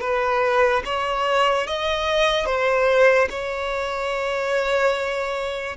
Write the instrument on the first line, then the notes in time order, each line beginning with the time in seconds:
violin
0.00 B4
0.84 C#5
1.67 D#5
2.45 C5
3.30 C#5